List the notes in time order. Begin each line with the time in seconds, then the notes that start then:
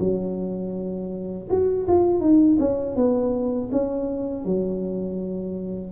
0.00 F#3
1.51 F#4
1.88 F4
2.21 D#4
2.60 C#4
2.96 B3
3.72 C#4
4.45 F#3